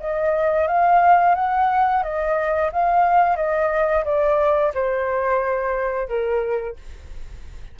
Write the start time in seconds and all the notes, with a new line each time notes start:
0.00 D#5
0.68 F5
1.35 F#5
2.03 D#5
2.72 F5
3.36 D#5
4.05 D5
4.74 C5
6.08 A#4